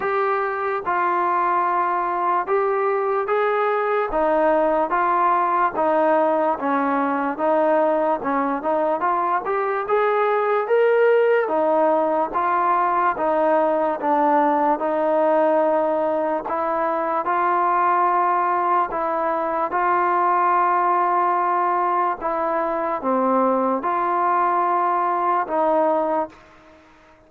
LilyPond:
\new Staff \with { instrumentName = "trombone" } { \time 4/4 \tempo 4 = 73 g'4 f'2 g'4 | gis'4 dis'4 f'4 dis'4 | cis'4 dis'4 cis'8 dis'8 f'8 g'8 | gis'4 ais'4 dis'4 f'4 |
dis'4 d'4 dis'2 | e'4 f'2 e'4 | f'2. e'4 | c'4 f'2 dis'4 | }